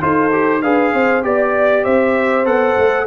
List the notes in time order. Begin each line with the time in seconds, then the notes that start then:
0.00 D#4 F4 A4 C5
0.32 G4
0.62 D4 G#4 B4 F5
0.94 C4 C5
1.22 B3 G4 D5
1.84 C4 C5 E5
2.45 B3 A4 F#5
2.77 A3